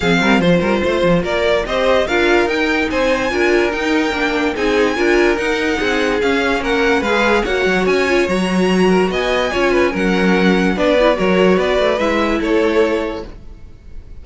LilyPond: <<
  \new Staff \with { instrumentName = "violin" } { \time 4/4 \tempo 4 = 145 f''4 c''2 d''4 | dis''4 f''4 g''4 gis''4~ | gis''4 g''2 gis''4~ | gis''4 fis''2 f''4 |
fis''4 f''4 fis''4 gis''4 | ais''2 gis''2 | fis''2 d''4 cis''4 | d''4 e''4 cis''2 | }
  \new Staff \with { instrumentName = "violin" } { \time 4/4 gis'8 ais'8 c''8 ais'8 c''4 ais'4 | c''4 ais'2 c''4 | ais'2. gis'4 | ais'2 gis'2 |
ais'4 b'4 cis''2~ | cis''4. ais'8 dis''4 cis''8 b'8 | ais'2 b'4 ais'4 | b'2 a'2 | }
  \new Staff \with { instrumentName = "viola" } { \time 4/4 c'4 f'2. | g'4 f'4 dis'2 | f'4 dis'4 d'4 dis'4 | f'4 dis'2 cis'4~ |
cis'4 gis'4 fis'4. f'8 | fis'2. f'4 | cis'2 d'8 e'8 fis'4~ | fis'4 e'2. | }
  \new Staff \with { instrumentName = "cello" } { \time 4/4 f8 g8 f8 g8 a8 f8 ais4 | c'4 d'4 dis'4 c'4 | d'4 dis'4 ais4 c'4 | d'4 dis'4 c'4 cis'4 |
ais4 gis4 ais8 fis8 cis'4 | fis2 b4 cis'4 | fis2 b4 fis4 | b8 a8 gis4 a2 | }
>>